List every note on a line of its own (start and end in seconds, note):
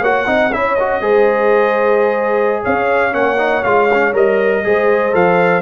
0.00 0.25 A#3
0.00 0.26 F#4
0.00 0.25 C#5
0.00 0.52 F#5
0.26 0.51 C4
0.26 0.51 D#4
0.26 0.51 D#5
0.51 1.00 C#4
0.51 0.78 E4
0.51 1.00 C#5
0.51 0.74 E5
0.74 1.01 F#4
0.74 2.62 D#5
1.00 2.63 G#3
1.00 3.11 G#4
1.00 2.62 C5
2.62 3.14 C#4
2.62 4.62 C#5
2.62 3.14 F5
3.11 3.64 A#3
3.11 3.36 C#4
3.11 3.63 F#5
3.38 3.62 D#4
3.63 4.13 G#3
3.63 3.89 F4
3.63 4.13 F5
3.93 4.13 C#4
4.13 4.63 G3
4.13 4.63 A#4
4.13 5.14 D#5
4.63 5.14 G#3
4.63 5.12 G#4
4.63 5.61 C5
5.12 5.61 F3
5.12 5.61 A4
5.12 5.61 F5